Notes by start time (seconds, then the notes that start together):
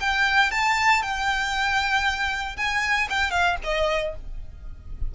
0.00 G5
0.51 A5
1.03 G5
2.57 G#5
3.10 G5
3.31 F5
3.64 D#5